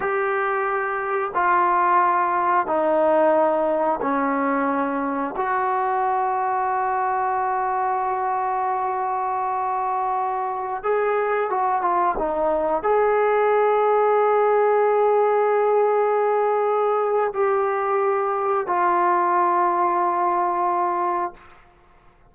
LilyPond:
\new Staff \with { instrumentName = "trombone" } { \time 4/4 \tempo 4 = 90 g'2 f'2 | dis'2 cis'2 | fis'1~ | fis'1~ |
fis'16 gis'4 fis'8 f'8 dis'4 gis'8.~ | gis'1~ | gis'2 g'2 | f'1 | }